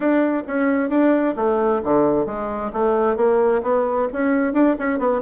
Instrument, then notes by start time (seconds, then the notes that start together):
bassoon
0.00 D4
0.47 C#4
0.89 D4
1.36 A3
1.84 D3
2.25 G#3
2.73 A3
3.16 A#3
3.62 B3
4.12 C#4
4.53 D4
4.79 C#4
4.99 B3